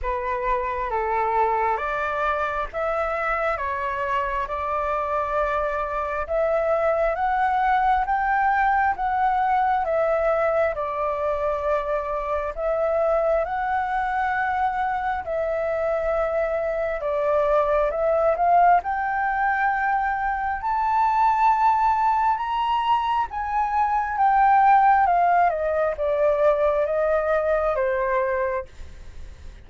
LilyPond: \new Staff \with { instrumentName = "flute" } { \time 4/4 \tempo 4 = 67 b'4 a'4 d''4 e''4 | cis''4 d''2 e''4 | fis''4 g''4 fis''4 e''4 | d''2 e''4 fis''4~ |
fis''4 e''2 d''4 | e''8 f''8 g''2 a''4~ | a''4 ais''4 gis''4 g''4 | f''8 dis''8 d''4 dis''4 c''4 | }